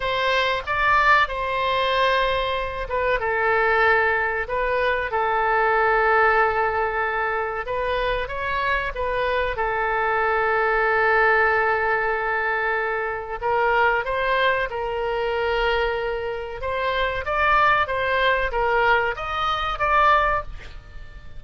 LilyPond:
\new Staff \with { instrumentName = "oboe" } { \time 4/4 \tempo 4 = 94 c''4 d''4 c''2~ | c''8 b'8 a'2 b'4 | a'1 | b'4 cis''4 b'4 a'4~ |
a'1~ | a'4 ais'4 c''4 ais'4~ | ais'2 c''4 d''4 | c''4 ais'4 dis''4 d''4 | }